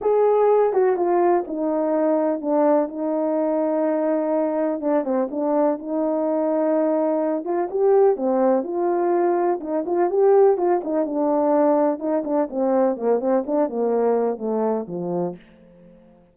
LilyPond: \new Staff \with { instrumentName = "horn" } { \time 4/4 \tempo 4 = 125 gis'4. fis'8 f'4 dis'4~ | dis'4 d'4 dis'2~ | dis'2 d'8 c'8 d'4 | dis'2.~ dis'8 f'8 |
g'4 c'4 f'2 | dis'8 f'8 g'4 f'8 dis'8 d'4~ | d'4 dis'8 d'8 c'4 ais8 c'8 | d'8 ais4. a4 f4 | }